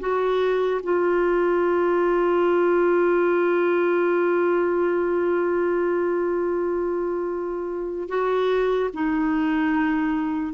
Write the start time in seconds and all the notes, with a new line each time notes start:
0.00 F#4
0.83 F4
8.09 F#4
8.93 D#4